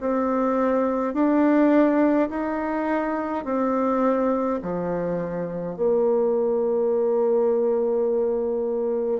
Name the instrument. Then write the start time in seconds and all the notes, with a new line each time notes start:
bassoon
0.00 C4
1.13 D4
2.29 D#4
3.44 C4
4.62 F3
5.76 A#3